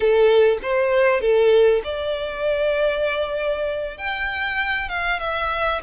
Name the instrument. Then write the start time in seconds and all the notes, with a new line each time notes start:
violin
0.00 A4
0.62 C5
1.21 A4
1.84 D5
3.97 G5
4.88 F5
5.19 E5